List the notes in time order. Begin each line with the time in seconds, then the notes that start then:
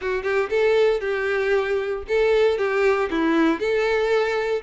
0.01 F#4
0.23 G4
0.49 A4
1.00 G4
2.08 A4
2.58 G4
3.10 E4
3.59 A4